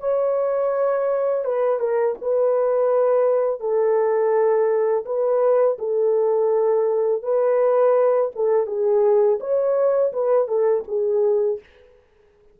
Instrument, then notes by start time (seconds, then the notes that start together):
horn
0.00 C#5
1.45 B4
1.79 A#4
2.21 B4
3.60 A4
5.05 B4
5.78 A4
7.23 B4
8.35 A4
8.67 G#4
9.40 C#5
10.13 B4
10.48 A4
10.88 G#4